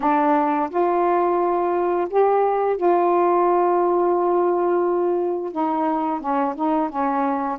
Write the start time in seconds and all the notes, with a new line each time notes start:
0.00 D4
0.70 F4
2.10 G4
2.76 F4
5.52 D#4
6.20 C#4
6.55 D#4
6.89 C#4